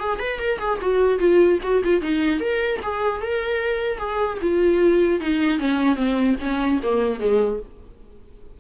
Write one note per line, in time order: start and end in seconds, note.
0.00 0.20 G#4
0.20 0.40 B4
0.40 0.59 A#4
0.59 0.79 G#4
0.82 1.19 F#4
1.19 1.59 F4
1.63 1.83 F#4
1.85 2.02 F4
2.02 2.41 D#4
2.41 2.81 A#4
2.83 3.22 G#4
3.22 3.99 A#4
3.99 4.39 G#4
4.42 5.21 F4
5.21 5.59 D#4
5.59 5.96 C#4
5.96 6.36 C4
6.41 6.81 C#4
6.83 7.20 A#3
7.20 7.60 G#3